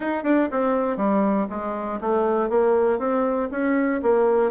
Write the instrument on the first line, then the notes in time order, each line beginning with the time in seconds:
bassoon
0.00 D#4
0.23 D4
0.51 C4
0.97 G3
1.49 G#3
2.00 A3
2.49 A#3
2.98 C4
3.51 C#4
4.02 A#3